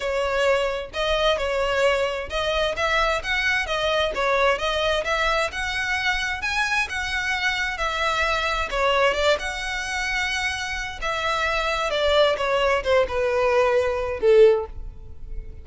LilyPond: \new Staff \with { instrumentName = "violin" } { \time 4/4 \tempo 4 = 131 cis''2 dis''4 cis''4~ | cis''4 dis''4 e''4 fis''4 | dis''4 cis''4 dis''4 e''4 | fis''2 gis''4 fis''4~ |
fis''4 e''2 cis''4 | d''8 fis''2.~ fis''8 | e''2 d''4 cis''4 | c''8 b'2~ b'8 a'4 | }